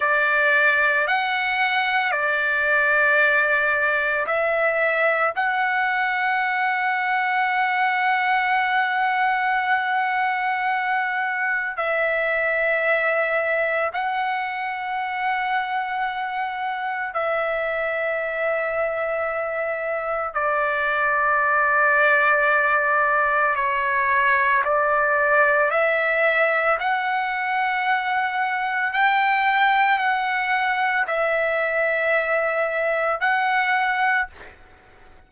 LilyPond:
\new Staff \with { instrumentName = "trumpet" } { \time 4/4 \tempo 4 = 56 d''4 fis''4 d''2 | e''4 fis''2.~ | fis''2. e''4~ | e''4 fis''2. |
e''2. d''4~ | d''2 cis''4 d''4 | e''4 fis''2 g''4 | fis''4 e''2 fis''4 | }